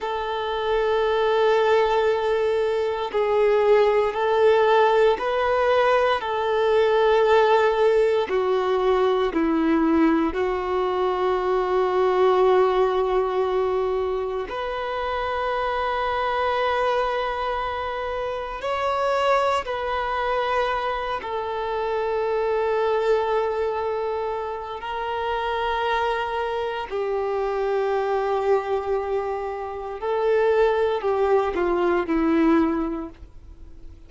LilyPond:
\new Staff \with { instrumentName = "violin" } { \time 4/4 \tempo 4 = 58 a'2. gis'4 | a'4 b'4 a'2 | fis'4 e'4 fis'2~ | fis'2 b'2~ |
b'2 cis''4 b'4~ | b'8 a'2.~ a'8 | ais'2 g'2~ | g'4 a'4 g'8 f'8 e'4 | }